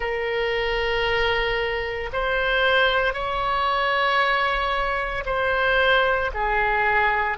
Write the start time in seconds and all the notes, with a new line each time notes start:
0.00 A#4
2.12 C5
3.13 C#5
5.25 C5
6.33 G#4